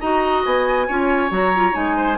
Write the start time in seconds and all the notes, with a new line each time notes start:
0.00 D#4 F#4 D#5 A#5
0.45 B3 G#5
0.88 C#4 F4 C#5
1.31 F#3 F#4 A#5
1.55 F4
1.72 G#3 D#4 G#5
1.96 C5